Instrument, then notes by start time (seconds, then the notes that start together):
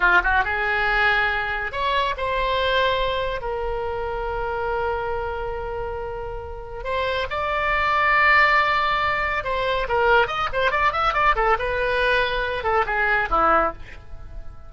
oboe
0.00 F4
0.23 F#4
0.44 G#4
1.71 C#5
2.17 C5
3.41 A#4
6.84 C5
7.30 D5
9.44 C5
9.88 A#4
10.27 D#5
10.53 C5
10.71 D5
10.92 E5
11.13 D5
11.35 A4
11.58 B4
12.63 A4
12.86 G#4
13.30 E4